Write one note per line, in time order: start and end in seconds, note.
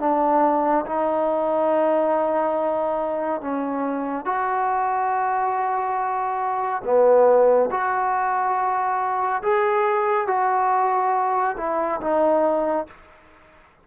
0.00 0.86 D4
0.86 3.42 D#4
3.42 4.26 C#4
4.26 6.83 F#4
6.84 7.70 B3
7.71 9.42 F#4
9.43 10.28 G#4
10.28 11.56 F#4
11.58 12.01 E4
12.02 12.87 D#4